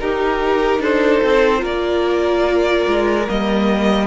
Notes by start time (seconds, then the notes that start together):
0.00 D#4 G4 A#4
0.79 D4 A4 C5
1.23 C4
1.58 A#3 F4 A#4
1.65 D5
2.87 G#3
3.27 G3 A#3 D#5